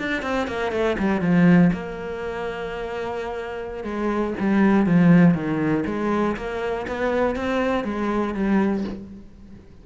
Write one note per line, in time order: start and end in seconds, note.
0.00 0.23 D4
0.23 0.48 C4
0.48 0.72 A#3
0.72 0.97 A3
0.99 1.21 G3
1.21 1.71 F3
1.73 3.84 A#3
3.84 4.34 G#3
4.40 4.87 G3
4.87 5.35 F3
5.35 5.85 D#3
5.87 6.37 G#3
6.37 6.87 A#3
6.88 7.36 B3
7.36 7.85 C4
7.85 8.35 G#3
8.35 8.85 G3